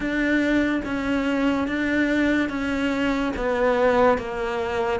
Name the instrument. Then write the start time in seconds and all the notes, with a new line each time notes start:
cello
0.00 D4
0.84 C#4
1.67 D4
2.48 C#4
3.36 B3
4.17 A#3